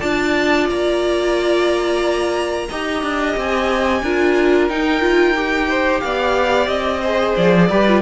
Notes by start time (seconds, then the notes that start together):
0.00 D4 F4 D5 A5
0.69 A#3 A#5
2.69 D#4 G4 D#5
3.03 D4
3.37 C4 G#5
4.02 D4 F4 A#4
4.69 D#4 G5
5.01 F4
5.36 G4
5.68 C5
6.01 B3 D5 F5
6.67 C4 D#5
7.01 G#4 C5
7.37 F3 D5
7.70 G3 G4 B4
7.88 F4